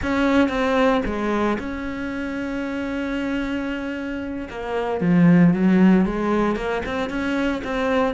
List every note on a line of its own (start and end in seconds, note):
0.02 0.49 C#4
0.49 1.01 C4
1.05 1.58 G#3
1.59 4.48 C#4
4.50 5.00 A#3
5.00 5.53 F3
5.53 6.05 F#3
6.05 6.56 G#3
6.56 6.82 A#3
6.85 7.09 C4
7.09 7.62 C#4
7.63 8.14 C4